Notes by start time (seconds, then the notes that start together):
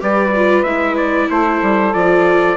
0.00 G3 G4 B4 D5
0.36 F4
0.63 G#3 E4 E5
0.97 D5
1.30 A3 A4 C5
1.62 G3
1.93 F3 F4 D5